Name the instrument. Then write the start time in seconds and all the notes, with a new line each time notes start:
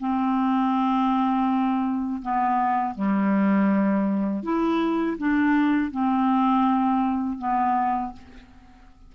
clarinet
0.00 C4
2.23 B3
2.95 G3
4.44 E4
5.19 D4
5.92 C4
7.39 B3